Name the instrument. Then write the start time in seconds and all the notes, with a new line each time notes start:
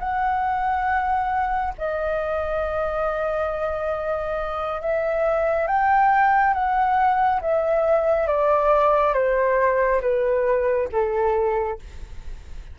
flute
0.00 F#5
1.78 D#5
4.82 E5
5.68 G5
6.54 F#5
7.42 E5
8.28 D5
9.14 C5
10.02 B4
10.92 A4